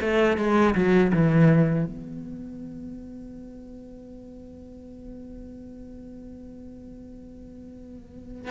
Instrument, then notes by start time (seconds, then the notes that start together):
cello
0.00 A3
0.37 G#3
0.74 F#3
1.12 E3
1.85 B3